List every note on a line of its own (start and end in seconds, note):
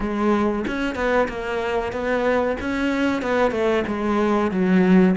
0.00 0.65 G#3
0.67 0.95 C#4
0.95 1.27 B3
1.28 1.92 A#3
1.92 2.57 B3
2.60 3.22 C#4
3.22 3.51 B3
3.51 3.83 A3
3.87 4.51 G#3
4.51 5.15 F#3